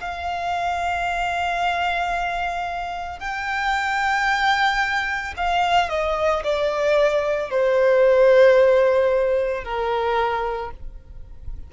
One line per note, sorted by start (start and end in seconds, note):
0.00 3.19 F5
3.19 5.34 G5
5.37 5.89 F5
5.89 6.43 D#5
6.43 7.50 D5
7.50 9.64 C5
9.64 10.71 A#4